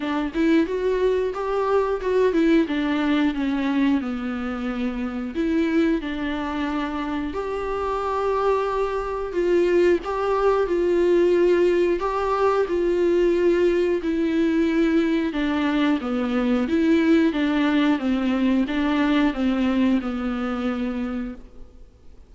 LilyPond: \new Staff \with { instrumentName = "viola" } { \time 4/4 \tempo 4 = 90 d'8 e'8 fis'4 g'4 fis'8 e'8 | d'4 cis'4 b2 | e'4 d'2 g'4~ | g'2 f'4 g'4 |
f'2 g'4 f'4~ | f'4 e'2 d'4 | b4 e'4 d'4 c'4 | d'4 c'4 b2 | }